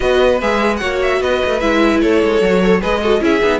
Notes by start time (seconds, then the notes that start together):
0.00 B3 F#4 B4 D#5
0.40 G#3 G#4 E5
0.76 A#3 F#4 C#5 F#5
1.02 E5
1.21 B3 B4 D#5
1.45 A3
1.60 G#3 E4 E5
2.01 A3 A4 C#5
2.23 G#3
2.41 F#3 F#4
2.62 A4 C#5
2.80 G#3 G#4 B4 D#5
3.01 F#4 A4
3.20 C#4 E4 G#4 E5
3.42 B3 D#4